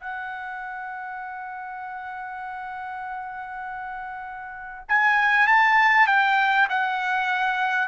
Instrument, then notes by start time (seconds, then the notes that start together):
trumpet
0.00 F#5
4.89 G#5
5.47 A5
6.07 G5
6.69 F#5